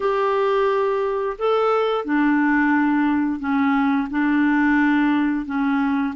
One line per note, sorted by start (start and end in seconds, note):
0.00 1.36 G4
1.38 2.05 A4
2.05 3.39 D4
3.39 4.08 C#4
4.10 5.45 D4
5.45 6.14 C#4